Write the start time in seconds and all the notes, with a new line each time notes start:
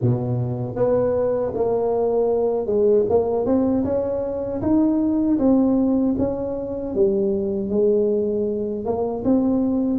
0.01 B2
0.75 B3
1.54 A#3
2.66 G#3
3.09 A#3
3.45 C4
3.84 C#4
4.61 D#4
5.38 C4
6.18 C#4
6.94 G3
7.69 G#3
8.85 A#3
9.24 C4